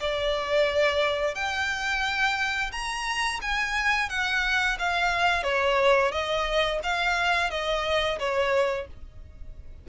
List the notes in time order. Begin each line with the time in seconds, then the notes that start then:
0.00 D5
1.35 G5
2.72 A#5
3.42 G#5
4.09 F#5
4.79 F5
5.44 C#5
6.12 D#5
6.84 F5
7.51 D#5
8.19 C#5